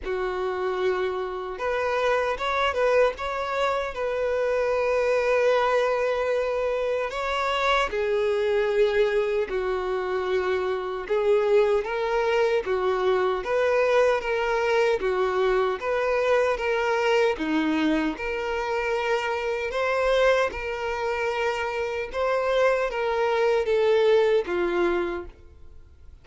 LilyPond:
\new Staff \with { instrumentName = "violin" } { \time 4/4 \tempo 4 = 76 fis'2 b'4 cis''8 b'8 | cis''4 b'2.~ | b'4 cis''4 gis'2 | fis'2 gis'4 ais'4 |
fis'4 b'4 ais'4 fis'4 | b'4 ais'4 dis'4 ais'4~ | ais'4 c''4 ais'2 | c''4 ais'4 a'4 f'4 | }